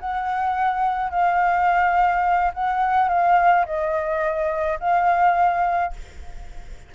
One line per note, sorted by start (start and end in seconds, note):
0.00 1.11 F#5
1.11 2.52 F5
2.54 3.09 F#5
3.09 3.65 F5
3.66 4.79 D#5
4.80 5.93 F5